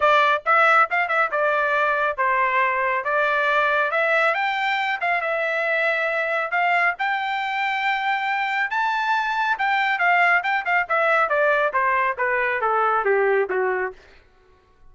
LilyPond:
\new Staff \with { instrumentName = "trumpet" } { \time 4/4 \tempo 4 = 138 d''4 e''4 f''8 e''8 d''4~ | d''4 c''2 d''4~ | d''4 e''4 g''4. f''8 | e''2. f''4 |
g''1 | a''2 g''4 f''4 | g''8 f''8 e''4 d''4 c''4 | b'4 a'4 g'4 fis'4 | }